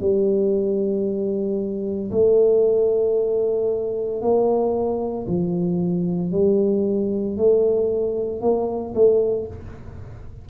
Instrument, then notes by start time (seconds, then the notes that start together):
tuba
0.00 G3
2.11 A3
4.22 A#3
5.27 F3
6.32 G3
7.37 A3
8.41 A#3
8.95 A3